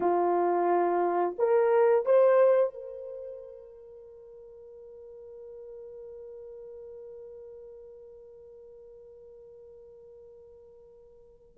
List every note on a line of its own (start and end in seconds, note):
0.00 1.36 F4
1.38 2.05 A#4
2.05 2.73 C5
2.73 11.57 A#4